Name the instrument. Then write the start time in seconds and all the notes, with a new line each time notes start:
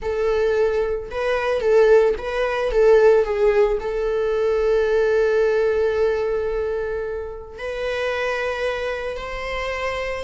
viola
0.02 A4
1.10 B4
1.60 A4
2.17 B4
2.71 A4
3.24 G#4
3.80 A4
7.58 B4
9.16 C5